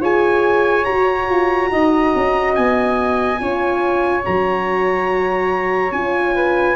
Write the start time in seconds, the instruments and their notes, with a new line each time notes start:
0.00 tuba F4, horn G#4, flute C#5, trumpet G#5
0.84 horn F#4, tuba F#4, trumpet A#5
1.29 tuba F4
1.71 tuba D#4, flute D#5
2.15 tuba C#4
2.54 tuba B3, trumpet G#5
3.39 tuba C#4, horn F4, flute C#5
4.24 tuba F#3, horn F#4, trumpet A#5
5.92 tuba C#4, horn F4, trumpet G#5
6.35 flute B4